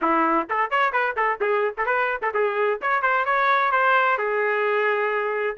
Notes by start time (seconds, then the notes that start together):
0.01 E4
0.49 A4
0.70 C#5
0.92 B4
1.16 A4
1.40 G#4
1.77 A4
1.86 B4
2.21 A4
2.33 G#4
2.81 C#5
3.01 C5
3.25 C#5
3.71 C5
4.17 G#4